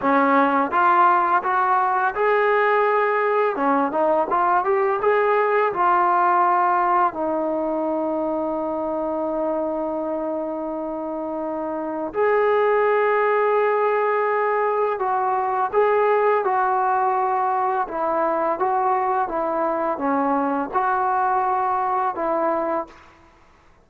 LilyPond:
\new Staff \with { instrumentName = "trombone" } { \time 4/4 \tempo 4 = 84 cis'4 f'4 fis'4 gis'4~ | gis'4 cis'8 dis'8 f'8 g'8 gis'4 | f'2 dis'2~ | dis'1~ |
dis'4 gis'2.~ | gis'4 fis'4 gis'4 fis'4~ | fis'4 e'4 fis'4 e'4 | cis'4 fis'2 e'4 | }